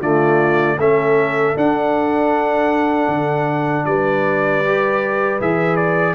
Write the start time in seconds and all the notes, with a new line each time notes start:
0.00 D3 A3 F4 D5
0.78 A3 C#4 A4 E5
1.56 D4 F#5
3.07 D3
3.85 G3 B4 D5
4.64 G4
5.40 E3 G#4 E5
5.76 D5